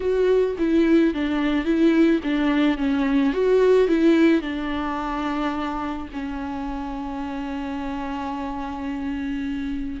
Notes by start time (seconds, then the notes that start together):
0.00 F#4
0.58 E4
1.13 D4
1.65 E4
2.23 D4
2.77 C#4
3.33 F#4
3.88 E4
4.41 D4
6.13 C#4